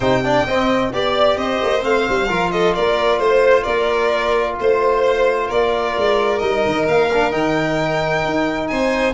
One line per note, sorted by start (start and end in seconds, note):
0.00 0.45 C3
0.00 0.24 D#4
0.00 0.22 C5
0.00 0.92 G5
0.24 0.47 D4
0.24 0.46 D5
0.46 0.91 C4
0.46 0.92 C4
0.46 0.92 D#5
0.91 1.36 B3
0.91 1.81 G4
0.91 1.37 D5
0.91 1.39 D5
1.36 1.59 C4
1.36 2.28 C5
1.36 1.82 D#5
1.62 1.83 A#3
1.81 2.06 A3
1.81 2.27 C4
1.81 2.51 F5
2.09 2.29 G3
2.28 2.75 F3
2.28 6.40 F4
2.28 2.50 A#4
2.51 2.75 A4
2.51 2.74 D#5
2.74 3.19 A#3
2.74 3.18 A#4
2.74 3.20 D5
3.18 3.64 A3
3.18 3.63 C5
3.63 4.57 A#3
3.63 4.55 A#4
3.63 4.55 D5
4.59 5.50 A3
4.59 5.50 C5
4.59 5.47 C5
5.47 5.96 A#3
5.47 8.68 A#4
5.47 6.38 D5
5.97 6.41 G#3
6.38 6.64 G3
6.38 7.09 D#4
6.38 6.84 D#5
6.66 6.87 D#3
6.87 7.33 A#3
6.87 7.31 F5
7.12 7.31 D4
7.31 8.24 D#3
7.31 9.13 D#4
7.31 8.67 G5
8.24 8.70 D#4
8.67 9.13 C4
8.67 9.13 C5
8.67 9.13 G#5